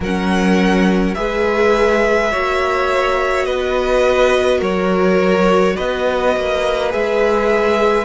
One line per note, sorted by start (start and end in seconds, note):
0.00 1.14 F#3
0.00 1.15 C#4
0.00 1.16 A#4
0.00 1.14 F#5
1.14 2.33 G#3
1.14 2.31 G#4
1.14 2.31 B4
1.14 3.44 E5
2.31 3.46 A#3
2.31 6.90 F#4
2.31 3.46 C#5
3.44 4.60 B3
3.44 4.58 B4
3.44 4.60 D#5
4.58 5.76 F#3
4.58 5.73 A#4
4.58 5.76 C#5
5.75 6.36 B3
5.75 8.05 B4
5.75 6.91 D#5
6.36 6.94 A#3
6.90 8.05 G#3
6.90 8.05 G#4
6.90 8.05 E5